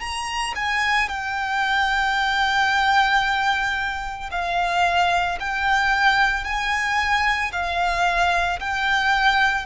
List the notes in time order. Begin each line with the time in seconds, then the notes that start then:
0.00 A#5
0.55 G#5
1.09 G5
4.31 F5
5.40 G5
6.44 G#5
7.52 F5
8.60 G5